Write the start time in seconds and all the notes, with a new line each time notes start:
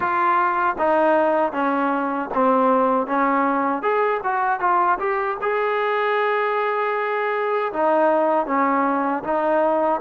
0.00 F4
0.78 D#4
1.52 C#4
2.34 C4
3.06 C#4
3.82 G#4
4.23 F#4
4.59 F4
4.99 G4
5.41 G#4
7.72 D#4
8.46 C#4
9.23 D#4